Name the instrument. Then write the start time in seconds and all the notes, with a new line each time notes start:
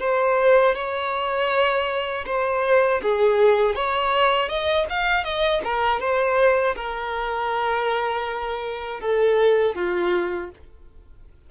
violin
0.00 C5
0.75 C#5
2.26 C5
3.03 G#4
3.76 C#5
4.49 D#5
4.90 F5
5.24 D#5
5.64 A#4
6.00 C5
6.76 A#4
9.01 A4
9.75 F4